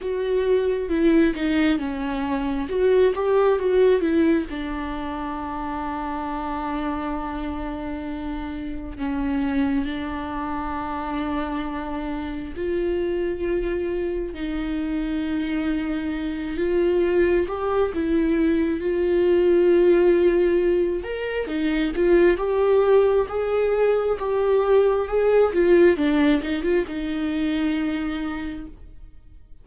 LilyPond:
\new Staff \with { instrumentName = "viola" } { \time 4/4 \tempo 4 = 67 fis'4 e'8 dis'8 cis'4 fis'8 g'8 | fis'8 e'8 d'2.~ | d'2 cis'4 d'4~ | d'2 f'2 |
dis'2~ dis'8 f'4 g'8 | e'4 f'2~ f'8 ais'8 | dis'8 f'8 g'4 gis'4 g'4 | gis'8 f'8 d'8 dis'16 f'16 dis'2 | }